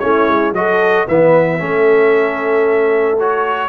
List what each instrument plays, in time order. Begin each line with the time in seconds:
0.00 tuba A3, trombone C#4, horn E4, trumpet C#5
0.29 tuba G#3
0.53 tuba F#3, trombone F#4, horn A4, trumpet D#5
1.08 tuba E3, trombone B3, horn B4, trumpet E5
1.59 tuba A3, trombone C#4, horn A4
3.20 trombone F#4, trumpet C#5